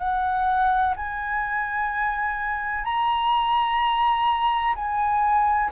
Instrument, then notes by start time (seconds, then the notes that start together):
flute
0.00 F#5
0.97 G#5
2.84 A#5
4.76 G#5